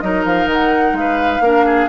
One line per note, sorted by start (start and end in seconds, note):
0.00 0.25 F#3
0.00 1.43 D#4
0.00 0.98 A#4
0.00 0.23 D#5
0.25 0.46 F3
0.25 0.49 F5
0.46 0.92 D#3
0.53 0.96 F#5
0.92 1.39 G#3
0.92 1.89 F5
1.00 1.43 B4
1.40 1.87 A#3
1.40 1.89 D4
1.40 1.66 A#4
1.66 1.89 G#4